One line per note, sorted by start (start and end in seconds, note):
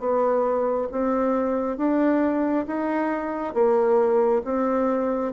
0.00 0.88 B3
0.92 1.77 C4
1.77 2.66 D4
2.67 3.54 D#4
3.54 4.42 A#3
4.45 5.33 C4